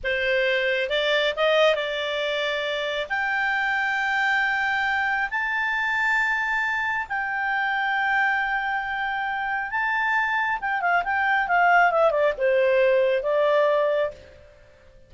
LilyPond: \new Staff \with { instrumentName = "clarinet" } { \time 4/4 \tempo 4 = 136 c''2 d''4 dis''4 | d''2. g''4~ | g''1 | a''1 |
g''1~ | g''2 a''2 | g''8 f''8 g''4 f''4 e''8 d''8 | c''2 d''2 | }